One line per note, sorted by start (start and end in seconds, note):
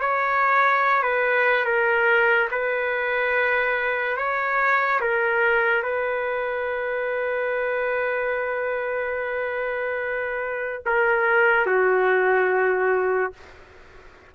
0.00 1.02 C#5
1.02 1.65 B4
1.65 2.48 A#4
2.50 4.17 B4
4.17 5.00 C#5
5.00 5.83 A#4
5.83 10.83 B4
10.86 11.66 A#4
11.66 13.33 F#4